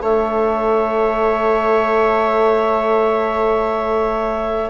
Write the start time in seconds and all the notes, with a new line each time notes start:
0.00 A3 A4 C#5 E5